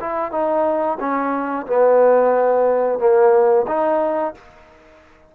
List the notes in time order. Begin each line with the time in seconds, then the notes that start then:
0.00 E4
0.31 D#4
1.00 C#4
1.67 B3
2.99 A#3
3.68 D#4